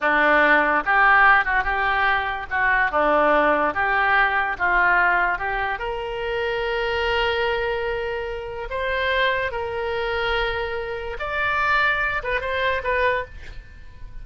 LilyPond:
\new Staff \with { instrumentName = "oboe" } { \time 4/4 \tempo 4 = 145 d'2 g'4. fis'8 | g'2 fis'4 d'4~ | d'4 g'2 f'4~ | f'4 g'4 ais'2~ |
ais'1~ | ais'4 c''2 ais'4~ | ais'2. d''4~ | d''4. b'8 c''4 b'4 | }